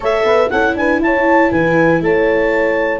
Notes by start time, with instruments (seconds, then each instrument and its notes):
0.00 tuba A3, viola A4, horn C#5, clarinet E5
0.24 tuba B3, horn B4
0.50 tuba C#4, viola E4, horn A4, clarinet F#5
0.74 tuba D4, horn B4, clarinet G#5
0.99 tuba E4, horn C#5, clarinet A5
1.51 tuba E3, horn B4, clarinet G#5
2.01 tuba A3, horn C#5, clarinet A5